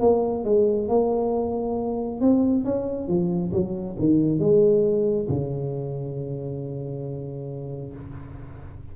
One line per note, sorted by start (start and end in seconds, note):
0.00 0.44 A#3
0.44 0.88 G#3
0.88 2.21 A#3
2.21 2.64 C4
2.64 3.08 C#4
3.08 3.52 F3
3.53 3.97 F#3
3.99 4.39 D#3
4.39 5.27 G#3
5.29 7.93 C#3